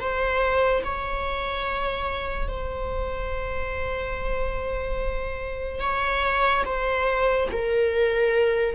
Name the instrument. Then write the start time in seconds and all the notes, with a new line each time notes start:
viola
0.00 C5
0.84 C#5
2.48 C5
5.81 C#5
6.66 C5
7.52 A#4